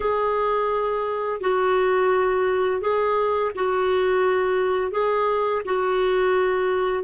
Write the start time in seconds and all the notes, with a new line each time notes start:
0.00 G#4
1.40 F#4
2.81 G#4
3.55 F#4
4.91 G#4
5.65 F#4